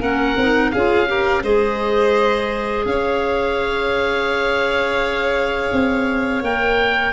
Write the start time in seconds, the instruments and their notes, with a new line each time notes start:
0.00 tuba A#3, clarinet C#4, violin A#4, oboe F#5
0.37 tuba C4, clarinet D#4
0.71 tuba C#4, clarinet F4, violin G#4, oboe F5
1.07 clarinet G4, violin A#4
1.43 tuba G#3, clarinet G#4, violin C5, oboe D#5
2.85 tuba C#4, violin C#5, oboe F5
5.72 tuba C4
6.42 tuba A#3, clarinet A#4, oboe G5